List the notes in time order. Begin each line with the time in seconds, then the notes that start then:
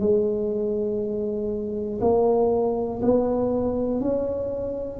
0.00 G#3
2.02 A#3
3.02 B3
4.01 C#4